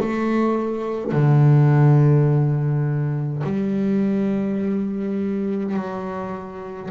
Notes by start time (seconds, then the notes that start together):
0.00 A3
1.12 D3
3.44 G3
5.74 F#3